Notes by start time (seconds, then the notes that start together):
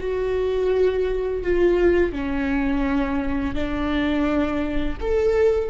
0.00 F#4
1.43 F4
2.13 C#4
3.55 D4
5.01 A4